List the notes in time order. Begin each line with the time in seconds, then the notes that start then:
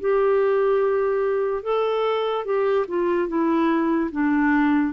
0.00 G4
1.63 A4
2.45 G4
2.88 F4
3.28 E4
4.11 D4